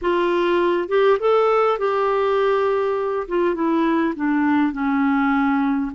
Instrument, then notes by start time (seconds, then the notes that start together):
clarinet
0.01 F4
0.88 G4
1.19 A4
1.78 G4
3.28 F4
3.54 E4
4.15 D4
4.72 C#4